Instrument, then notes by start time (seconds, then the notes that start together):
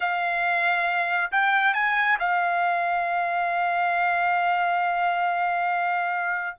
trumpet
0.00 F5
1.31 G5
1.74 G#5
2.19 F5